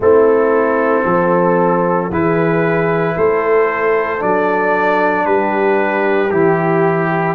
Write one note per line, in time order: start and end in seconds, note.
0.00 1.01 A3
0.00 2.11 C4
0.00 1.04 E4
0.00 2.12 A4
1.04 2.10 F3
1.04 2.10 A4
2.10 3.16 E3
2.10 4.18 E4
2.10 3.15 G#4
2.10 3.16 B4
3.16 4.22 A3
3.16 5.26 A4
3.16 4.21 C5
4.18 5.26 F#3
4.18 6.29 D4
4.18 5.25 D5
5.25 6.31 G3
5.25 7.34 G4
5.25 6.30 B4
6.30 7.34 E3
6.30 7.34 E4
6.30 7.34 G4